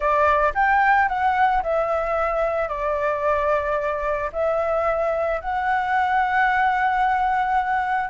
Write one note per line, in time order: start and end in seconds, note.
0.00 0.53 D5
0.54 1.08 G5
1.08 1.62 F#5
1.62 2.68 E5
2.68 4.30 D5
4.32 5.40 E5
5.40 8.09 F#5